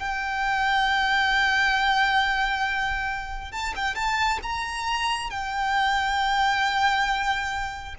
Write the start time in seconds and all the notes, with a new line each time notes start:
0.00 G5
3.52 A5
3.76 G5
3.95 A5
4.43 A#5
5.31 G5